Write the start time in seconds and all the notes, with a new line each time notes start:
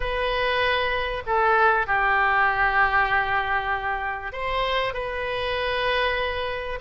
0.00 B4
1.26 A4
1.86 G4
4.32 C5
4.93 B4